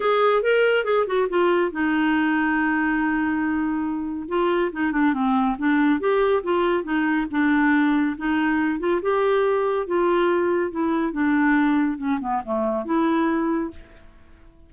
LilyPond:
\new Staff \with { instrumentName = "clarinet" } { \time 4/4 \tempo 4 = 140 gis'4 ais'4 gis'8 fis'8 f'4 | dis'1~ | dis'2 f'4 dis'8 d'8 | c'4 d'4 g'4 f'4 |
dis'4 d'2 dis'4~ | dis'8 f'8 g'2 f'4~ | f'4 e'4 d'2 | cis'8 b8 a4 e'2 | }